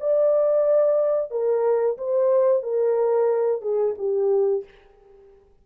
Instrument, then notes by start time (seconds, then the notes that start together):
horn
0.00 D5
1.31 A#4
1.97 C5
2.63 A#4
3.62 G#4
3.98 G4